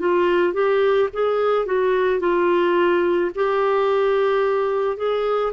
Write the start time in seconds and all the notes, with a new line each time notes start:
0.00 F4
0.54 G4
1.13 G#4
1.66 F#4
2.20 F4
3.35 G4
4.97 G#4